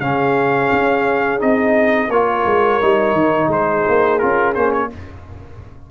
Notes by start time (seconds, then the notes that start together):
0.00 C#3 C#4 G#4 F5
0.72 C#4
1.39 C4 D#4 D#5
2.09 A#3 F4 A#4 C#5
2.45 G#3
2.81 G3 D#4
3.13 D#3
3.48 G#3 G#4 C5
3.89 A#3
4.19 C#4 F4 A#4
4.55 A#3 C#4 C5
4.73 C#5